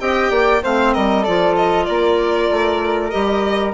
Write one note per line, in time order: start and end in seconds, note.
0.00 0.31 C4
0.00 0.62 G4
0.00 0.31 D#5
0.00 0.63 G5
0.31 0.62 A#3
0.31 0.62 D5
0.63 0.96 A3
0.63 1.27 C4
0.63 0.95 C5
0.63 0.94 F5
0.94 1.27 G3
0.94 1.23 A#4
0.94 1.25 D#5
1.23 1.89 F3
1.23 3.11 F4
1.23 1.86 A4
1.23 1.56 D5
1.56 1.86 D#5
1.86 2.50 A#3
1.86 3.74 A#4
1.86 3.11 D5
2.50 3.13 A3
3.11 3.74 G3
3.11 3.74 G4
3.11 3.73 D#5